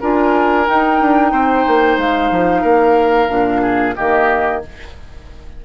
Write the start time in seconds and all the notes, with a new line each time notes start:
0.00 D4 F4 A#4 G#5
0.66 D#4 G5
1.01 D4
1.31 C4 C5
1.67 A#3
1.97 G#3 F5
2.30 F3
2.61 A#3 A#4
3.28 A#2 D4
3.61 G#4
3.96 D#3 A#3 G4 D#5